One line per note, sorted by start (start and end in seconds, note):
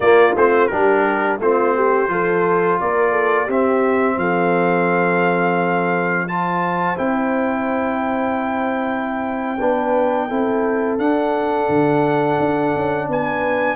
0.00 0.34 A#3
0.00 0.36 A#3
0.00 0.69 F4
0.00 0.33 D5
0.35 0.70 A3
0.35 0.70 C4
0.35 0.67 C5
0.67 1.38 G3
0.67 1.40 D4
0.67 1.39 G4
0.67 1.37 A#4
1.38 2.08 A3
1.38 2.08 C4
1.38 1.75 F4
1.38 2.80 C5
1.75 2.10 G4
2.08 2.78 F3
2.08 3.48 F4
2.08 2.81 A4
2.80 3.48 A#3
2.80 3.11 A#4
2.80 3.50 D5
3.11 3.45 A4
3.45 4.16 C4
3.45 6.28 C4
3.45 4.15 G4
3.45 4.18 E5
4.16 6.95 F3
4.16 6.28 A4
4.16 6.27 F5
6.27 6.96 F4
6.27 9.58 C5
6.27 6.97 A5
6.96 9.60 C4
6.96 9.58 E4
6.96 10.98 G5
9.58 10.30 B3
9.58 10.29 D4
9.58 10.28 B4
10.28 10.98 C4
10.28 10.99 E4
10.28 13.07 A4
10.98 11.68 D4
10.98 13.76 D4
10.98 13.08 F#5
11.68 12.38 D3
12.39 12.74 D4
12.75 13.08 C#4
13.08 13.76 B3
13.08 13.76 B4
13.08 13.76 G#5